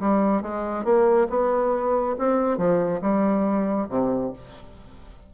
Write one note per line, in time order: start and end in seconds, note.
0.00 0.42 G3
0.42 0.84 G#3
0.84 1.28 A#3
1.30 2.16 B3
2.19 2.58 C4
2.58 3.01 F3
3.01 3.88 G3
3.89 4.32 C3